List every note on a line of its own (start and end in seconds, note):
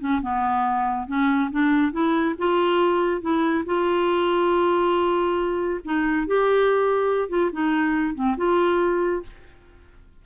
0.00 0.21 C#4
0.22 1.08 B3
1.08 1.50 C#4
1.51 1.92 D4
1.92 2.35 E4
2.38 3.22 F4
3.22 3.64 E4
3.66 5.80 F4
5.85 6.27 D#4
6.27 7.29 G4
7.29 7.51 F4
7.53 8.15 D#4
8.15 8.36 C4
8.37 9.23 F4